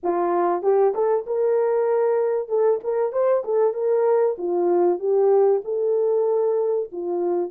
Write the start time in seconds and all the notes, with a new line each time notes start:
0.03 F4
0.62 G4
0.94 A4
1.26 A#4
2.48 A4
2.83 A#4
3.12 C5
3.44 A4
3.73 A#4
4.38 F4
4.99 G4
5.64 A4
6.92 F4